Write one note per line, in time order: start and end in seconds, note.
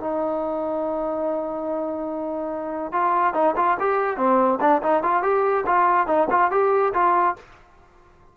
0.00 2.93 D#4
2.93 3.34 F4
3.34 3.55 D#4
3.56 3.77 F4
3.80 4.17 G4
4.17 4.59 C4
4.61 4.82 D4
4.83 5.03 D#4
5.03 5.23 F4
5.23 5.65 G4
5.66 6.07 F4
6.07 6.28 D#4
6.31 6.51 F4
6.51 6.93 G4
6.94 7.36 F4